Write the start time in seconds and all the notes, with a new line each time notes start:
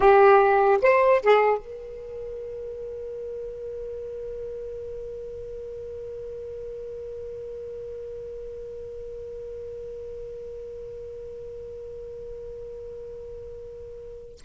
0.00 G4
0.81 C5
1.22 G#4
1.57 A#4